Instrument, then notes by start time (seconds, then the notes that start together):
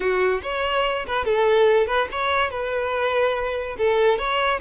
violin
0.00 F#4
0.43 C#5
1.06 B4
1.24 A4
1.87 B4
2.11 C#5
2.50 B4
3.78 A4
4.18 C#5